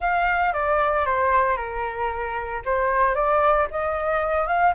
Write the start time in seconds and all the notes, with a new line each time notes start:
0.00 F5
0.53 D5
1.05 C5
1.56 A#4
2.65 C5
3.14 D5
3.70 D#5
4.47 F5